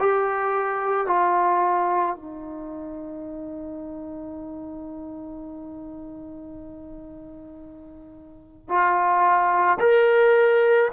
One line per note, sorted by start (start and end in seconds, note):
0.00 1.07 G4
1.07 2.16 F4
2.16 8.69 D#4
8.69 9.78 F4
9.80 10.89 A#4